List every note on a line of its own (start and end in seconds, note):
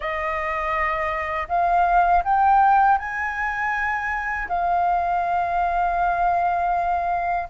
0.00 1.47 D#5
1.48 2.23 F5
2.24 2.98 G5
2.98 4.48 G#5
4.48 7.48 F5